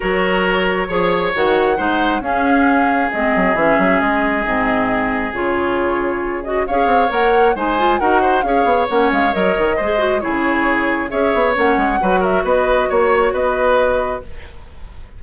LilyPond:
<<
  \new Staff \with { instrumentName = "flute" } { \time 4/4 \tempo 4 = 135 cis''2. fis''4~ | fis''4 f''2 dis''4 | e''4 dis''2. | cis''2~ cis''8 dis''8 f''4 |
fis''4 gis''4 fis''4 f''4 | fis''8 f''8 dis''2 cis''4~ | cis''4 e''4 fis''4. e''8 | dis''4 cis''4 dis''2 | }
  \new Staff \with { instrumentName = "oboe" } { \time 4/4 ais'2 cis''2 | c''4 gis'2.~ | gis'1~ | gis'2. cis''4~ |
cis''4 c''4 ais'8 c''8 cis''4~ | cis''2 c''4 gis'4~ | gis'4 cis''2 b'8 ais'8 | b'4 cis''4 b'2 | }
  \new Staff \with { instrumentName = "clarinet" } { \time 4/4 fis'2 gis'4 fis'4 | dis'4 cis'2 c'4 | cis'2 c'2 | f'2~ f'8 fis'8 gis'4 |
ais'4 dis'8 f'8 fis'4 gis'4 | cis'4 ais'4 gis'8 fis'8 e'4~ | e'4 gis'4 cis'4 fis'4~ | fis'1 | }
  \new Staff \with { instrumentName = "bassoon" } { \time 4/4 fis2 f4 dis4 | gis4 cis'2 gis8 fis8 | e8 fis8 gis4 gis,2 | cis2. cis'8 c'8 |
ais4 gis4 dis'4 cis'8 b8 | ais8 gis8 fis8 dis8 gis4 cis4~ | cis4 cis'8 b8 ais8 gis8 fis4 | b4 ais4 b2 | }
>>